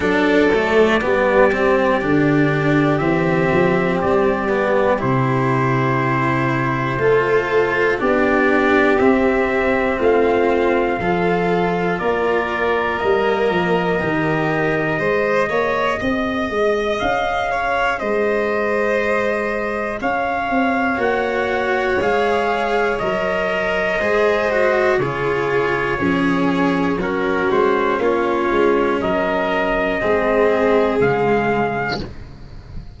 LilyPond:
<<
  \new Staff \with { instrumentName = "trumpet" } { \time 4/4 \tempo 4 = 60 d''2. e''4 | d''4 c''2. | d''4 e''4 f''2 | d''4 dis''2.~ |
dis''4 f''4 dis''2 | f''4 fis''4 f''4 dis''4~ | dis''4 cis''2 ais'8 c''8 | cis''4 dis''2 f''4 | }
  \new Staff \with { instrumentName = "violin" } { \time 4/4 a'4 g'2.~ | g'2. a'4 | g'2 f'4 a'4 | ais'2. c''8 cis''8 |
dis''4. cis''8 c''2 | cis''1 | c''4 gis'4 cis'4 fis'4 | f'4 ais'4 gis'2 | }
  \new Staff \with { instrumentName = "cello" } { \time 4/4 d'8 a8 b8 c'8 d'4 c'4~ | c'8 b8 e'2 f'4 | d'4 c'2 f'4~ | f'4 ais4 g'4 gis'4~ |
gis'1~ | gis'4 fis'4 gis'4 ais'4 | gis'8 fis'8 f'4 gis'4 cis'4~ | cis'2 c'4 gis4 | }
  \new Staff \with { instrumentName = "tuba" } { \time 4/4 fis4 g4 d4 e8 f8 | g4 c2 a4 | b4 c'4 a4 f4 | ais4 g8 f8 dis4 gis8 ais8 |
c'8 gis8 cis'4 gis2 | cis'8 c'8 ais4 gis4 fis4 | gis4 cis4 f4 fis8 gis8 | ais8 gis8 fis4 gis4 cis4 | }
>>